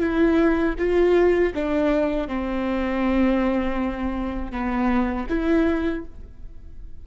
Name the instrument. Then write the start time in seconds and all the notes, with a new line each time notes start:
viola
0.00 E4
0.78 F4
1.54 D4
2.28 C4
4.52 B3
5.29 E4